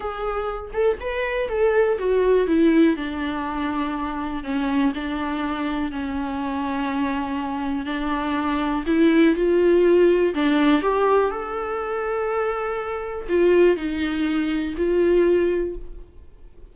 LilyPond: \new Staff \with { instrumentName = "viola" } { \time 4/4 \tempo 4 = 122 gis'4. a'8 b'4 a'4 | fis'4 e'4 d'2~ | d'4 cis'4 d'2 | cis'1 |
d'2 e'4 f'4~ | f'4 d'4 g'4 a'4~ | a'2. f'4 | dis'2 f'2 | }